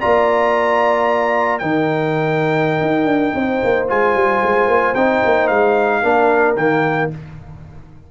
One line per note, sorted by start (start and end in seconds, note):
0.00 1.61 A#3
0.00 1.61 F4
0.00 1.60 D5
0.00 1.58 A#5
1.58 2.80 D#3
1.58 3.87 D#4
1.58 3.34 A#4
1.58 3.86 G5
2.80 3.05 D#4
3.05 3.31 D4
3.34 3.61 C4
3.34 6.02 C5
3.63 3.90 A#3
3.87 4.15 G#3
3.87 4.95 F4
3.87 4.94 G#5
4.15 4.42 G3
4.43 4.67 G#3
4.67 4.94 A#3
4.94 5.21 C4
4.94 6.02 D#4
4.94 5.47 G5
5.24 5.49 A#3
5.47 6.03 G#3
5.47 6.54 F5
6.02 6.56 A#3
6.02 6.56 D4
6.02 7.09 A#4
6.56 7.10 D#3
6.56 7.10 A#3
6.56 7.09 G5